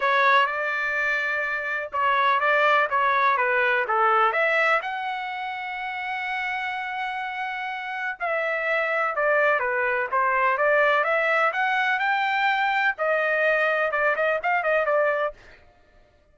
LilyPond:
\new Staff \with { instrumentName = "trumpet" } { \time 4/4 \tempo 4 = 125 cis''4 d''2. | cis''4 d''4 cis''4 b'4 | a'4 e''4 fis''2~ | fis''1~ |
fis''4 e''2 d''4 | b'4 c''4 d''4 e''4 | fis''4 g''2 dis''4~ | dis''4 d''8 dis''8 f''8 dis''8 d''4 | }